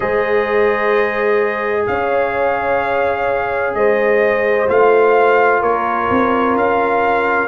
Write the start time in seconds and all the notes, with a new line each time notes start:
0.00 G#3 G#4 C5 D#5
1.86 C#4 C#5 F5
3.74 G#3 C5 D#5
4.67 A3 F4 F5
5.61 A#3 A#4 C#5
6.10 C4
6.55 C#4 F5